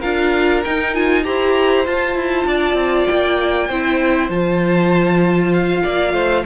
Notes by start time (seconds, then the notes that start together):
0.00 D4 F4 A#4 F5
0.64 D#4 G5
0.94 F4 G#5
1.24 E4 G4 C5 A#5
1.86 F4 A5
2.15 E4
2.46 D4 D5
2.74 C4
3.07 A#3 G5
3.68 C4 E4 C5
4.29 F3 F4 A5
5.53 F5
5.83 A#3 D5
6.13 A3 C5